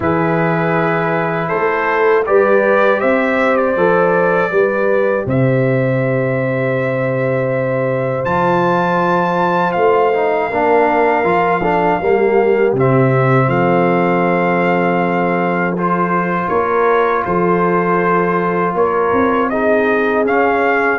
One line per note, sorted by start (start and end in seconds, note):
0.00 1.50 E3
0.00 2.24 E4
0.00 1.48 G#4
0.00 1.48 B4
1.48 2.27 A3
1.48 2.23 A4
1.48 2.23 C5
2.26 3.02 G3
2.26 3.76 G4
2.26 3.00 B4
2.26 3.00 D5
3.00 3.76 C4
3.00 4.50 C5
3.00 3.56 E5
3.56 5.25 D5
3.76 4.51 F3
3.76 4.50 A4
4.50 5.26 G3
4.50 8.25 G4
4.50 5.25 B4
5.26 8.25 C3
5.26 10.49 C5
5.26 8.24 E5
8.24 9.75 F3
8.24 10.12 F4
8.24 9.72 A5
9.72 10.50 A3
9.72 12.72 F5
10.13 10.50 D#4
10.49 11.23 A#3
10.49 11.24 D4
10.49 11.61 A#4
11.23 11.98 F3
11.23 11.61 F4
11.61 12.01 D4
11.61 11.99 A4
12.00 12.73 G3
12.00 12.76 A#3
12.00 13.48 G4
12.73 13.47 C3
12.73 15.76 C4
12.73 13.49 E5
13.47 16.47 F3
13.47 16.48 A4
13.47 15.74 F5
15.77 19.51 F4
15.77 16.48 C5
16.48 17.25 A#3
16.48 17.23 A#4
16.48 17.23 C#5
17.25 18.74 F3
17.25 18.75 A4
17.25 18.75 C5
18.74 19.11 A#3
18.74 19.50 A#4
18.74 19.49 C#5
19.12 20.25 C4
19.49 20.26 D#4
19.49 20.98 G#4
19.49 20.24 D#5
20.25 20.98 C#4
20.25 20.98 F5